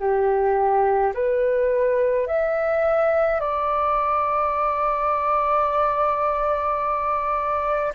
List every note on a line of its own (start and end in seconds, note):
0.00 1.13 G4
1.14 2.27 B4
2.27 3.40 E5
3.40 7.93 D5